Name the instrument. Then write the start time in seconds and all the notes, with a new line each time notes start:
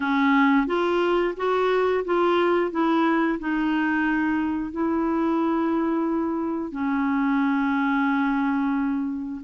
clarinet
0.00 C#4
0.66 F4
1.37 F#4
2.04 F4
2.71 E4
3.39 D#4
4.71 E4
6.71 C#4